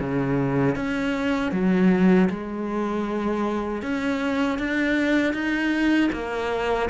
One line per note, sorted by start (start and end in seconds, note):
0.00 0.76 C#3
0.76 1.52 C#4
1.52 2.29 F#3
2.30 3.83 G#3
3.83 4.59 C#4
4.59 5.34 D4
5.34 6.11 D#4
6.13 6.90 A#3